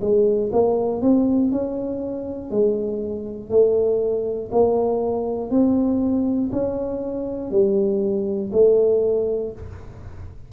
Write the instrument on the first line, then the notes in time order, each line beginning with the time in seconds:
tuba
0.00 G#3
0.52 A#3
1.01 C4
1.51 C#4
2.50 G#3
3.50 A3
4.51 A#3
5.50 C4
6.51 C#4
7.50 G3
8.52 A3